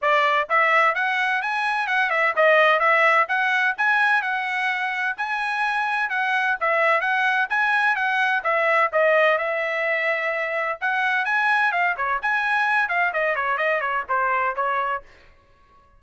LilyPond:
\new Staff \with { instrumentName = "trumpet" } { \time 4/4 \tempo 4 = 128 d''4 e''4 fis''4 gis''4 | fis''8 e''8 dis''4 e''4 fis''4 | gis''4 fis''2 gis''4~ | gis''4 fis''4 e''4 fis''4 |
gis''4 fis''4 e''4 dis''4 | e''2. fis''4 | gis''4 f''8 cis''8 gis''4. f''8 | dis''8 cis''8 dis''8 cis''8 c''4 cis''4 | }